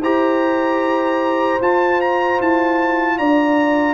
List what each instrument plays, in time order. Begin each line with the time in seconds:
0.00 tuba E4, trombone G4, horn C5, trumpet A#5
1.60 tuba F4, trombone F4, trumpet A5
2.01 trumpet A#5
2.40 tuba E4, trumpet A5
3.18 tuba D4, horn D5, trumpet A#5